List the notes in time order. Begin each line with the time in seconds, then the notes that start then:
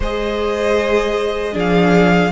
0.00 G#3 G#4 C5 D#5
1.52 F3 D4 G#4
1.59 F5